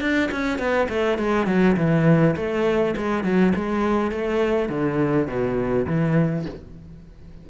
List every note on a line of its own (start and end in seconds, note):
0.00 0.29 D4
0.31 0.58 C#4
0.58 0.87 B3
0.89 1.18 A3
1.18 1.46 G#3
1.46 1.76 F#3
1.76 2.35 E3
2.36 2.94 A3
2.96 3.23 G#3
3.23 3.53 F#3
3.55 4.11 G#3
4.11 4.69 A3
4.69 5.27 D3
5.27 5.86 B2
5.86 6.45 E3